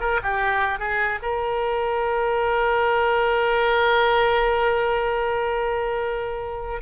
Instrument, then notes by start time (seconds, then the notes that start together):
oboe
0.00 A#4
0.23 G4
0.79 G#4
1.22 A#4